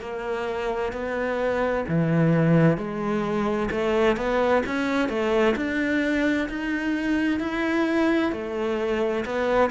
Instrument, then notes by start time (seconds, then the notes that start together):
cello
0.00 A#3
0.92 B3
1.88 E3
2.77 G#3
3.70 A3
4.16 B3
4.66 C#4
5.09 A3
5.56 D4
6.49 D#4
7.39 E4
8.32 A3
9.25 B3